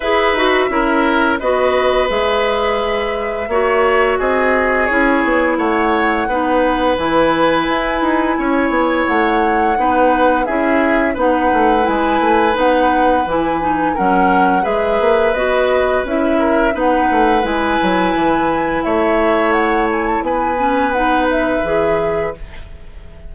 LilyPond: <<
  \new Staff \with { instrumentName = "flute" } { \time 4/4 \tempo 4 = 86 e''2 dis''4 e''4~ | e''2 dis''4 cis''4 | fis''2 gis''2~ | gis''4 fis''2 e''4 |
fis''4 gis''4 fis''4 gis''4 | fis''4 e''4 dis''4 e''4 | fis''4 gis''2 e''4 | fis''8 gis''16 a''16 gis''4 fis''8 e''4. | }
  \new Staff \with { instrumentName = "oboe" } { \time 4/4 b'4 ais'4 b'2~ | b'4 cis''4 gis'2 | cis''4 b'2. | cis''2 b'4 gis'4 |
b'1 | ais'4 b'2~ b'8 ais'8 | b'2. cis''4~ | cis''4 b'2. | }
  \new Staff \with { instrumentName = "clarinet" } { \time 4/4 gis'8 fis'8 e'4 fis'4 gis'4~ | gis'4 fis'2 e'4~ | e'4 dis'4 e'2~ | e'2 dis'4 e'4 |
dis'4 e'4 dis'4 e'8 dis'8 | cis'4 gis'4 fis'4 e'4 | dis'4 e'2.~ | e'4. cis'8 dis'4 gis'4 | }
  \new Staff \with { instrumentName = "bassoon" } { \time 4/4 e'8 dis'8 cis'4 b4 gis4~ | gis4 ais4 c'4 cis'8 b8 | a4 b4 e4 e'8 dis'8 | cis'8 b8 a4 b4 cis'4 |
b8 a8 gis8 a8 b4 e4 | fis4 gis8 ais8 b4 cis'4 | b8 a8 gis8 fis8 e4 a4~ | a4 b2 e4 | }
>>